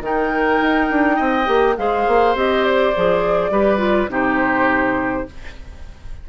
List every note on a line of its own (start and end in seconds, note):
0.00 0.58 D#3
0.00 1.45 D#4
0.00 1.16 A#4
0.00 1.77 G5
0.61 0.90 D#4
0.90 1.19 D4
1.16 1.47 C4
1.16 1.74 D#5
1.45 1.76 A#3
1.45 1.74 G4
1.77 2.07 G#3
1.77 2.35 G#4
1.77 3.51 C5
1.77 2.35 F5
2.07 2.34 A#3
2.34 2.92 C4
2.34 2.93 G4
2.34 2.64 D#5
2.64 4.10 D5
2.95 3.50 F3
2.95 3.51 G#4
3.50 4.08 G3
3.50 3.77 G4
3.50 4.10 B4
3.77 4.06 F4
4.08 5.24 C3
4.08 5.25 D#4
4.08 5.27 G4
4.08 5.29 C5